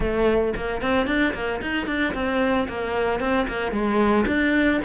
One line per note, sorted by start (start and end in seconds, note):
0.00 0.54 A3
0.56 0.81 A#3
0.81 1.06 C4
1.06 1.33 D4
1.33 1.60 A#3
1.61 1.86 D#4
1.86 2.13 D4
2.14 2.67 C4
2.68 3.20 A#3
3.20 3.47 C4
3.48 3.71 A#3
3.71 4.25 G#3
4.26 4.80 D4